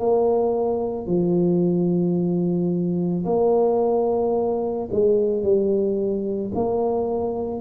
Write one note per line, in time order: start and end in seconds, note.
0.00 1.07 A#3
1.07 3.25 F3
3.25 4.89 A#3
4.92 5.43 G#3
5.43 6.52 G3
6.55 7.61 A#3